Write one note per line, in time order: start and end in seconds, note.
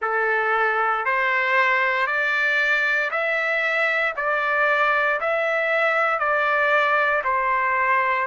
0.01 1.05 A4
1.05 2.06 C5
2.06 3.10 D5
3.10 4.14 E5
4.16 5.20 D5
5.20 6.19 E5
6.19 7.22 D5
7.24 8.27 C5